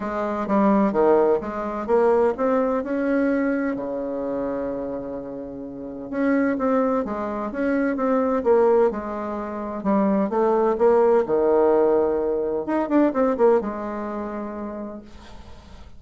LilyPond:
\new Staff \with { instrumentName = "bassoon" } { \time 4/4 \tempo 4 = 128 gis4 g4 dis4 gis4 | ais4 c'4 cis'2 | cis1~ | cis4 cis'4 c'4 gis4 |
cis'4 c'4 ais4 gis4~ | gis4 g4 a4 ais4 | dis2. dis'8 d'8 | c'8 ais8 gis2. | }